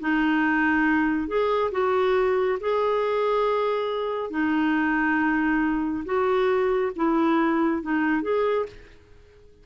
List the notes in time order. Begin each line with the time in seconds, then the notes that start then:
0.00 D#4
1.28 G#4
1.72 F#4
2.60 G#4
4.30 D#4
6.05 F#4
6.96 E4
7.82 D#4
8.22 G#4